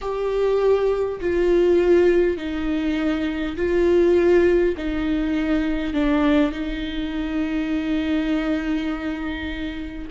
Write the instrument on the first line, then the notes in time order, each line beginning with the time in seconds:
viola
0.01 G4
1.20 F4
2.37 D#4
3.56 F4
4.77 D#4
5.93 D4
6.51 D#4